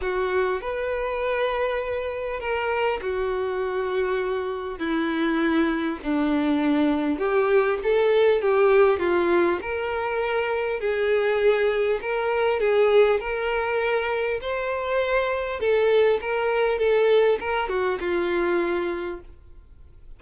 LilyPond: \new Staff \with { instrumentName = "violin" } { \time 4/4 \tempo 4 = 100 fis'4 b'2. | ais'4 fis'2. | e'2 d'2 | g'4 a'4 g'4 f'4 |
ais'2 gis'2 | ais'4 gis'4 ais'2 | c''2 a'4 ais'4 | a'4 ais'8 fis'8 f'2 | }